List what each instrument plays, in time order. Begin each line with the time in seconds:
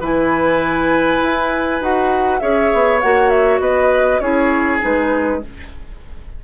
0.00 bassoon E3, clarinet E4, oboe B4, flute G#5
1.23 bassoon E4
1.81 bassoon D#4, clarinet F#4, flute F#5
2.40 bassoon C#4, clarinet G#4, oboe C#5, flute E5
2.73 bassoon B3
3.00 bassoon A#3, clarinet F#4, flute F#5
3.29 flute E5
3.60 bassoon B3, oboe B4, flute D#5
4.20 bassoon C#4, clarinet E4, oboe G#4, flute C#5
4.80 bassoon G#3, clarinet D#4, flute B4